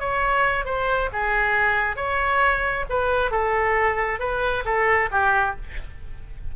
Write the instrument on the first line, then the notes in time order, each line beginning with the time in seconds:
oboe
0.00 C#5
0.65 C5
1.13 G#4
1.96 C#5
2.89 B4
3.31 A4
4.20 B4
4.65 A4
5.12 G4